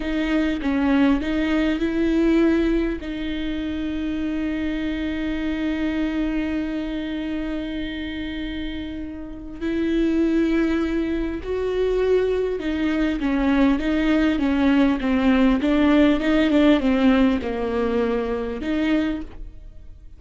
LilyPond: \new Staff \with { instrumentName = "viola" } { \time 4/4 \tempo 4 = 100 dis'4 cis'4 dis'4 e'4~ | e'4 dis'2.~ | dis'1~ | dis'1 |
e'2. fis'4~ | fis'4 dis'4 cis'4 dis'4 | cis'4 c'4 d'4 dis'8 d'8 | c'4 ais2 dis'4 | }